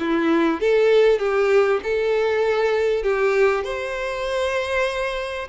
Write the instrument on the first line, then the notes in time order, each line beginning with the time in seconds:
violin
0.00 E4
0.61 A4
1.19 G4
1.84 A4
3.03 G4
3.65 C5